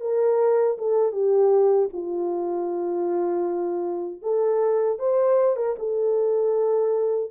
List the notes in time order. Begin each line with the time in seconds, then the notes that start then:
0.00 A#4
0.78 A4
1.12 G4
1.93 F4
4.22 A4
4.99 C5
5.56 A#4
5.79 A4